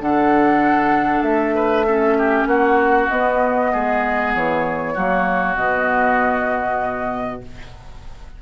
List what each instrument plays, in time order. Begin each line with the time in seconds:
0.00 bassoon D3, clarinet D4, oboe A4, flute F#5
1.22 bassoon A3, flute E5
1.55 oboe B4
1.86 clarinet C#4, oboe A4
2.18 oboe G4
2.46 bassoon A#3, oboe F#4, flute F#5
3.09 clarinet B3, bassoon B3, flute D#5
3.73 bassoon G#3, oboe G#4
4.35 bassoon E3, flute C#5
4.94 bassoon F#3, clarinet A#3, oboe F#4
5.56 bassoon B2, clarinet B3, flute D#5